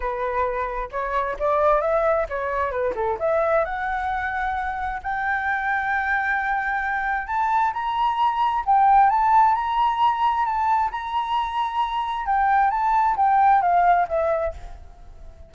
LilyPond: \new Staff \with { instrumentName = "flute" } { \time 4/4 \tempo 4 = 132 b'2 cis''4 d''4 | e''4 cis''4 b'8 a'8 e''4 | fis''2. g''4~ | g''1 |
a''4 ais''2 g''4 | a''4 ais''2 a''4 | ais''2. g''4 | a''4 g''4 f''4 e''4 | }